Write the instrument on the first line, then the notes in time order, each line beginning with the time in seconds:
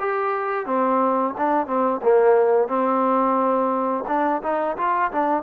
trombone
0.00 G4
0.66 C4
1.38 D4
1.67 C4
2.03 A#3
2.68 C4
4.08 D4
4.43 D#4
4.78 F4
5.12 D4